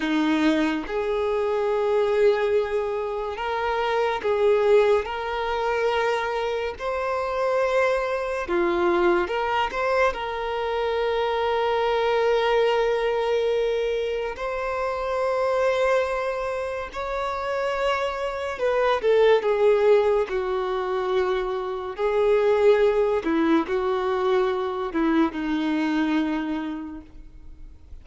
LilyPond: \new Staff \with { instrumentName = "violin" } { \time 4/4 \tempo 4 = 71 dis'4 gis'2. | ais'4 gis'4 ais'2 | c''2 f'4 ais'8 c''8 | ais'1~ |
ais'4 c''2. | cis''2 b'8 a'8 gis'4 | fis'2 gis'4. e'8 | fis'4. e'8 dis'2 | }